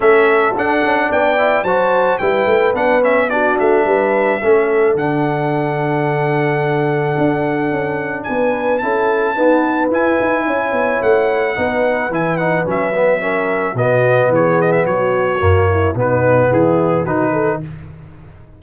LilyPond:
<<
  \new Staff \with { instrumentName = "trumpet" } { \time 4/4 \tempo 4 = 109 e''4 fis''4 g''4 a''4 | g''4 fis''8 e''8 d''8 e''4.~ | e''4 fis''2.~ | fis''2. gis''4 |
a''2 gis''2 | fis''2 gis''8 fis''8 e''4~ | e''4 dis''4 cis''8 dis''16 e''16 cis''4~ | cis''4 b'4 gis'4 b'4 | }
  \new Staff \with { instrumentName = "horn" } { \time 4/4 a'2 d''4 c''4 | b'2 fis'4 b'4 | a'1~ | a'2. b'4 |
a'4 b'2 cis''4~ | cis''4 b'2. | ais'4 fis'4 gis'4 fis'4~ | fis'8 e'8 dis'4 e'4 fis'8 a'8 | }
  \new Staff \with { instrumentName = "trombone" } { \time 4/4 cis'4 d'4. e'8 fis'4 | e'4 d'8 cis'8 d'2 | cis'4 d'2.~ | d'1 |
e'4 b4 e'2~ | e'4 dis'4 e'8 dis'8 cis'8 b8 | cis'4 b2. | ais4 b2 dis'4 | }
  \new Staff \with { instrumentName = "tuba" } { \time 4/4 a4 d'8 cis'8 b4 fis4 | g8 a8 b4. a8 g4 | a4 d2.~ | d4 d'4 cis'4 b4 |
cis'4 dis'4 e'8 dis'8 cis'8 b8 | a4 b4 e4 fis4~ | fis4 b,4 e4 fis4 | fis,4 b,4 e4 dis4 | }
>>